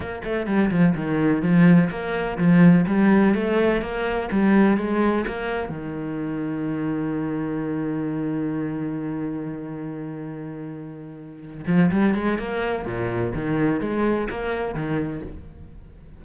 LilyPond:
\new Staff \with { instrumentName = "cello" } { \time 4/4 \tempo 4 = 126 ais8 a8 g8 f8 dis4 f4 | ais4 f4 g4 a4 | ais4 g4 gis4 ais4 | dis1~ |
dis1~ | dis1~ | dis8 f8 g8 gis8 ais4 ais,4 | dis4 gis4 ais4 dis4 | }